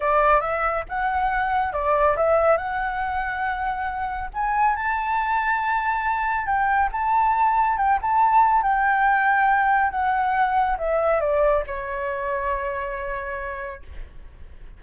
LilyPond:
\new Staff \with { instrumentName = "flute" } { \time 4/4 \tempo 4 = 139 d''4 e''4 fis''2 | d''4 e''4 fis''2~ | fis''2 gis''4 a''4~ | a''2. g''4 |
a''2 g''8 a''4. | g''2. fis''4~ | fis''4 e''4 d''4 cis''4~ | cis''1 | }